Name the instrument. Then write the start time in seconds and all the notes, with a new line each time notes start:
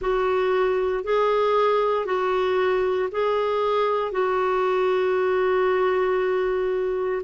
clarinet
0.01 F#4
1.03 G#4
2.05 F#4
3.11 G#4
4.11 F#4